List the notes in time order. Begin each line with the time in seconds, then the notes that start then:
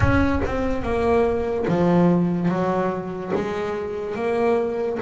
0.00 C#4
0.45 C4
0.82 A#3
1.67 F3
2.48 F#3
3.34 G#3
4.15 A#3